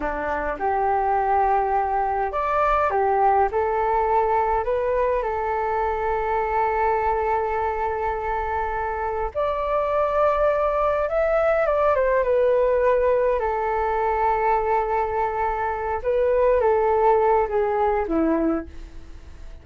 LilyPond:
\new Staff \with { instrumentName = "flute" } { \time 4/4 \tempo 4 = 103 d'4 g'2. | d''4 g'4 a'2 | b'4 a'2.~ | a'1 |
d''2. e''4 | d''8 c''8 b'2 a'4~ | a'2.~ a'8 b'8~ | b'8 a'4. gis'4 e'4 | }